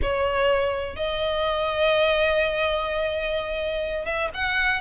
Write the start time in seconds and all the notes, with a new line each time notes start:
0.02 C#5
0.96 D#5
4.05 E5
4.33 F#5